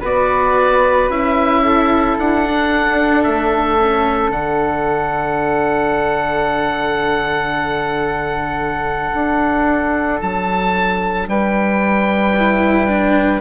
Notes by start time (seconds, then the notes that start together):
0.00 B3 F#4 B4 D5
1.09 C#4 E4 E5
1.65 A4
2.19 D4 F#5
2.44 D4
3.24 A3 E5
3.79 C#4
4.29 D3 D4 F#5
9.14 D4
10.21 F#3 A5
11.28 G3 B4 G5
12.38 E4
12.88 D4